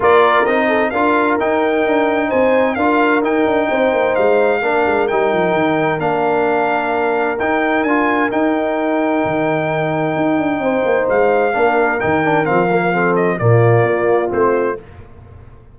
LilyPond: <<
  \new Staff \with { instrumentName = "trumpet" } { \time 4/4 \tempo 4 = 130 d''4 dis''4 f''4 g''4~ | g''4 gis''4 f''4 g''4~ | g''4 f''2 g''4~ | g''4 f''2. |
g''4 gis''4 g''2~ | g''1 | f''2 g''4 f''4~ | f''8 dis''8 d''2 c''4 | }
  \new Staff \with { instrumentName = "horn" } { \time 4/4 ais'4. a'8 ais'2~ | ais'4 c''4 ais'2 | c''2 ais'2~ | ais'1~ |
ais'1~ | ais'2. c''4~ | c''4 ais'2. | a'4 f'2. | }
  \new Staff \with { instrumentName = "trombone" } { \time 4/4 f'4 dis'4 f'4 dis'4~ | dis'2 f'4 dis'4~ | dis'2 d'4 dis'4~ | dis'4 d'2. |
dis'4 f'4 dis'2~ | dis'1~ | dis'4 d'4 dis'8 d'8 c'8 ais8 | c'4 ais2 c'4 | }
  \new Staff \with { instrumentName = "tuba" } { \time 4/4 ais4 c'4 d'4 dis'4 | d'4 c'4 d'4 dis'8 d'8 | c'8 ais8 gis4 ais8 gis8 g8 f8 | dis4 ais2. |
dis'4 d'4 dis'2 | dis2 dis'8 d'8 c'8 ais8 | gis4 ais4 dis4 f4~ | f4 ais,4 ais4 a4 | }
>>